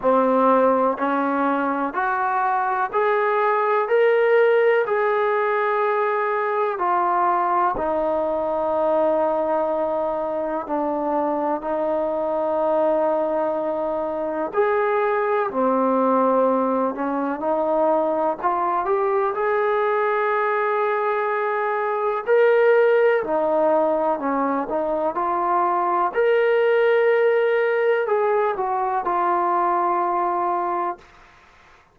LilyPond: \new Staff \with { instrumentName = "trombone" } { \time 4/4 \tempo 4 = 62 c'4 cis'4 fis'4 gis'4 | ais'4 gis'2 f'4 | dis'2. d'4 | dis'2. gis'4 |
c'4. cis'8 dis'4 f'8 g'8 | gis'2. ais'4 | dis'4 cis'8 dis'8 f'4 ais'4~ | ais'4 gis'8 fis'8 f'2 | }